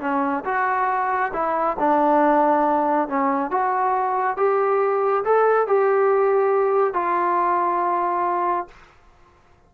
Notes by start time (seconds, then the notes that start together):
0.00 C#4
0.45 F#4
1.33 E4
1.79 D4
3.08 C#4
3.50 F#4
4.37 G4
5.24 A4
5.67 G4
6.93 F4